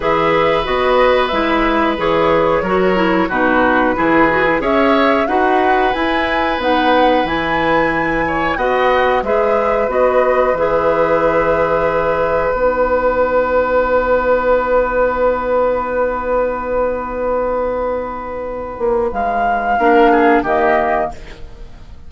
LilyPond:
<<
  \new Staff \with { instrumentName = "flute" } { \time 4/4 \tempo 4 = 91 e''4 dis''4 e''4 cis''4~ | cis''4 b'2 e''4 | fis''4 gis''4 fis''4 gis''4~ | gis''4 fis''4 e''4 dis''4 |
e''2. fis''4~ | fis''1~ | fis''1~ | fis''4 f''2 dis''4 | }
  \new Staff \with { instrumentName = "oboe" } { \time 4/4 b'1 | ais'4 fis'4 gis'4 cis''4 | b'1~ | b'8 cis''8 dis''4 b'2~ |
b'1~ | b'1~ | b'1~ | b'2 ais'8 gis'8 g'4 | }
  \new Staff \with { instrumentName = "clarinet" } { \time 4/4 gis'4 fis'4 e'4 gis'4 | fis'8 e'8 dis'4 e'8 fis'16 e'16 gis'4 | fis'4 e'4 dis'4 e'4~ | e'4 fis'4 gis'4 fis'4 |
gis'2. dis'4~ | dis'1~ | dis'1~ | dis'2 d'4 ais4 | }
  \new Staff \with { instrumentName = "bassoon" } { \time 4/4 e4 b4 gis4 e4 | fis4 b,4 e4 cis'4 | dis'4 e'4 b4 e4~ | e4 b4 gis4 b4 |
e2. b4~ | b1~ | b1~ | b8 ais8 gis4 ais4 dis4 | }
>>